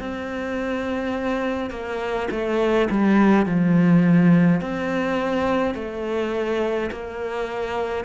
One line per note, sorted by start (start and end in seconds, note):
0.00 1.70 C4
1.70 2.28 A#3
2.31 2.89 A3
2.91 3.46 G3
3.46 4.62 F3
4.62 5.75 C4
5.75 6.90 A3
6.92 8.05 A#3